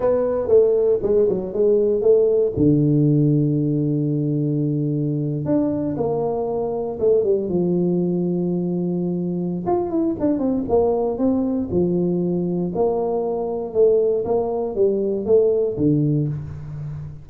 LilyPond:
\new Staff \with { instrumentName = "tuba" } { \time 4/4 \tempo 4 = 118 b4 a4 gis8 fis8 gis4 | a4 d2.~ | d2~ d8. d'4 ais16~ | ais4.~ ais16 a8 g8 f4~ f16~ |
f2. f'8 e'8 | d'8 c'8 ais4 c'4 f4~ | f4 ais2 a4 | ais4 g4 a4 d4 | }